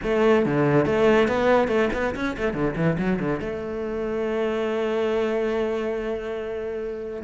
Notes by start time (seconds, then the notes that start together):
0.03 A3
0.45 D3
0.85 A3
1.28 B3
1.68 A3
1.93 B3
2.15 C#4
2.36 A3
2.53 D3
2.76 E3
2.98 F#3
3.19 D3
3.39 A3